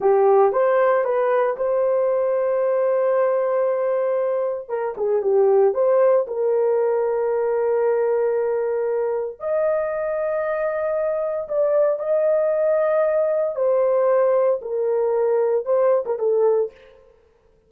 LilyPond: \new Staff \with { instrumentName = "horn" } { \time 4/4 \tempo 4 = 115 g'4 c''4 b'4 c''4~ | c''1~ | c''4 ais'8 gis'8 g'4 c''4 | ais'1~ |
ais'2 dis''2~ | dis''2 d''4 dis''4~ | dis''2 c''2 | ais'2 c''8. ais'16 a'4 | }